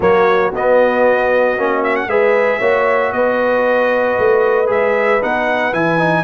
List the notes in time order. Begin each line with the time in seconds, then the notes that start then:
0.00 F#3 A#3 F#4 C#5
0.53 B3 D#5
1.57 A#3 C#4
1.83 E5
1.96 F#5
2.06 G#3 G#4 B4 E5
2.59 A#3 F#4 C#5
3.12 B3 B4 D#5
4.18 A3
4.66 G#3 G#4 E5
5.21 B3 D#4 F#5
5.72 E3 E4 G#5
5.98 D#4